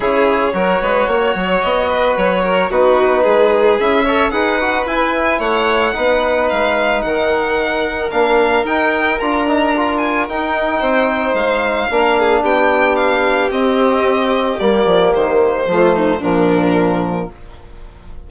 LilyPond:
<<
  \new Staff \with { instrumentName = "violin" } { \time 4/4 \tempo 4 = 111 cis''2. dis''4 | cis''4 b'2 e''4 | fis''4 gis''4 fis''2 | f''4 fis''2 f''4 |
g''4 ais''4. gis''8 g''4~ | g''4 f''2 g''4 | f''4 dis''2 d''4 | c''2 ais'2 | }
  \new Staff \with { instrumentName = "violin" } { \time 4/4 gis'4 ais'8 b'8 cis''4. b'8~ | b'8 ais'8 fis'4 gis'4. cis''8 | b'2 cis''4 b'4~ | b'4 ais'2.~ |
ais'1 | c''2 ais'8 gis'8 g'4~ | g'1~ | g'4 f'8 dis'8 d'2 | }
  \new Staff \with { instrumentName = "trombone" } { \time 4/4 e'4 fis'2.~ | fis'4 dis'2 e'8 a'8 | gis'8 fis'8 e'2 dis'4~ | dis'2. d'4 |
dis'4 f'8 dis'8 f'4 dis'4~ | dis'2 d'2~ | d'4 c'2 ais4~ | ais4 a4 f2 | }
  \new Staff \with { instrumentName = "bassoon" } { \time 4/4 cis4 fis8 gis8 ais8 fis8 b4 | fis4 b4 gis4 cis'4 | dis'4 e'4 a4 b4 | gis4 dis2 ais4 |
dis'4 d'2 dis'4 | c'4 gis4 ais4 b4~ | b4 c'2 g8 f8 | dis4 f4 ais,2 | }
>>